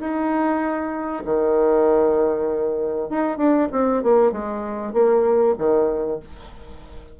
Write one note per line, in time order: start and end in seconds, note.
0.00 1.24 D#4
1.25 3.09 D#3
3.09 3.37 D#4
3.37 3.68 D4
3.72 4.03 C4
4.03 4.32 A#3
4.32 4.93 G#3
4.93 5.55 A#3
5.58 6.20 D#3